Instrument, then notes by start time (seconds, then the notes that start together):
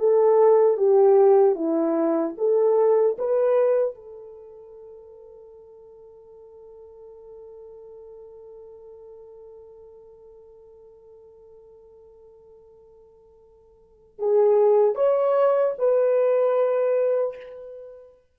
horn
0.00 A4
0.78 G4
1.56 E4
2.38 A4
3.19 B4
3.95 A4
14.19 G#4
14.96 C#5
15.79 B4